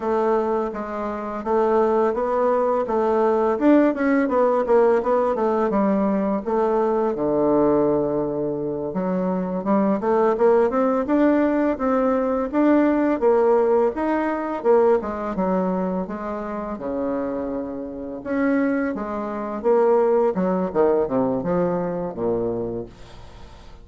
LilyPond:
\new Staff \with { instrumentName = "bassoon" } { \time 4/4 \tempo 4 = 84 a4 gis4 a4 b4 | a4 d'8 cis'8 b8 ais8 b8 a8 | g4 a4 d2~ | d8 fis4 g8 a8 ais8 c'8 d'8~ |
d'8 c'4 d'4 ais4 dis'8~ | dis'8 ais8 gis8 fis4 gis4 cis8~ | cis4. cis'4 gis4 ais8~ | ais8 fis8 dis8 c8 f4 ais,4 | }